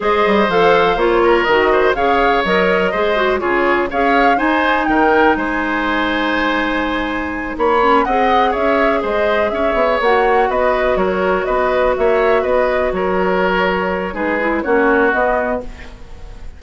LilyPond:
<<
  \new Staff \with { instrumentName = "flute" } { \time 4/4 \tempo 4 = 123 dis''4 f''4 cis''4 dis''4 | f''4 dis''2 cis''4 | f''4 gis''4 g''4 gis''4~ | gis''2.~ gis''8 b''8~ |
b''8 fis''4 e''4 dis''4 e''8~ | e''8 fis''4 dis''4 cis''4 dis''8~ | dis''8 e''4 dis''4 cis''4.~ | cis''4 b'4 cis''4 dis''4 | }
  \new Staff \with { instrumentName = "oboe" } { \time 4/4 c''2~ c''8 ais'4 c''8 | cis''2 c''4 gis'4 | cis''4 c''4 ais'4 c''4~ | c''2.~ c''8 cis''8~ |
cis''8 dis''4 cis''4 c''4 cis''8~ | cis''4. b'4 ais'4 b'8~ | b'8 cis''4 b'4 ais'4.~ | ais'4 gis'4 fis'2 | }
  \new Staff \with { instrumentName = "clarinet" } { \time 4/4 gis'4 a'4 f'4 fis'4 | gis'4 ais'4 gis'8 fis'8 f'4 | gis'4 dis'2.~ | dis'1 |
cis'8 gis'2.~ gis'8~ | gis'8 fis'2.~ fis'8~ | fis'1~ | fis'4 dis'8 e'8 cis'4 b4 | }
  \new Staff \with { instrumentName = "bassoon" } { \time 4/4 gis8 g8 f4 ais4 dis4 | cis4 fis4 gis4 cis4 | cis'4 dis'4 dis4 gis4~ | gis2.~ gis8 ais8~ |
ais8 c'4 cis'4 gis4 cis'8 | b8 ais4 b4 fis4 b8~ | b8 ais4 b4 fis4.~ | fis4 gis4 ais4 b4 | }
>>